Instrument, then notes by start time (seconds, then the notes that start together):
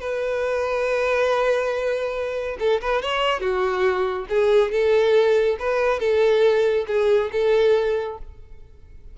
violin
0.00 B4
2.59 A4
2.81 B4
3.02 C#5
3.40 F#4
4.29 G#4
4.72 A4
5.59 B4
6.00 A4
6.87 G#4
7.32 A4